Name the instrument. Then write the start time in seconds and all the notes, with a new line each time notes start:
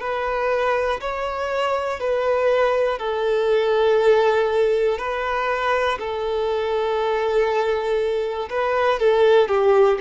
violin
0.00 B4
1.01 C#5
2.00 B4
2.99 A4
4.98 B4
5.99 A4
8.50 B4
9.00 A4
9.48 G4